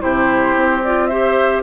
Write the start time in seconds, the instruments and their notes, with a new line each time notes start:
0.00 bassoon C3, clarinet E4, oboe G4, flute C5
0.55 bassoon C4
0.84 clarinet F4, flute D5
1.07 clarinet G4, oboe C5, flute E5